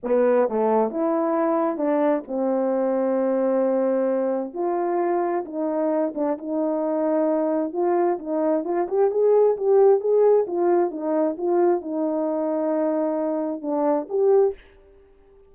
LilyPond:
\new Staff \with { instrumentName = "horn" } { \time 4/4 \tempo 4 = 132 b4 a4 e'2 | d'4 c'2.~ | c'2 f'2 | dis'4. d'8 dis'2~ |
dis'4 f'4 dis'4 f'8 g'8 | gis'4 g'4 gis'4 f'4 | dis'4 f'4 dis'2~ | dis'2 d'4 g'4 | }